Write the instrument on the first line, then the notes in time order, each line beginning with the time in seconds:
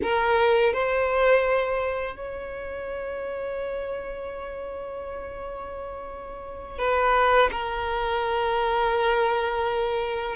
violin
0.02 A#4
0.73 C5
2.16 C#5
6.78 B4
7.51 A#4